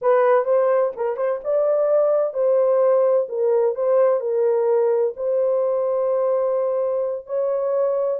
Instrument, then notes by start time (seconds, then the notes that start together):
horn
0.01 B4
0.45 C5
0.96 A#4
1.16 C5
1.43 D5
2.33 C5
3.28 A#4
3.75 C5
4.20 A#4
5.16 C5
7.26 C#5